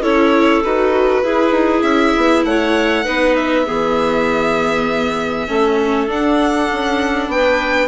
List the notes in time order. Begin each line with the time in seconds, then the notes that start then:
0.00 C#4 E4 A4 C#5
0.63 D#4 F#4 B4
1.23 E4 G#4
1.51 D#4
1.82 C#4 E5
2.17 B3
2.44 A3 C#5 F#5
3.04 B3 D#4 B4
3.35 E5
3.66 E3 B3 G#4
5.47 A3 C#4 A4
6.07 D4 F#5
6.72 C#4
7.28 B3 B4 G5